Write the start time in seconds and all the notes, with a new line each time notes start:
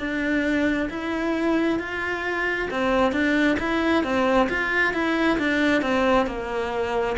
0.00 D4
0.90 E4
1.80 F4
2.71 C4
3.13 D4
3.60 E4
4.04 C4
4.50 F4
4.94 E4
5.39 D4
5.82 C4
6.27 A#3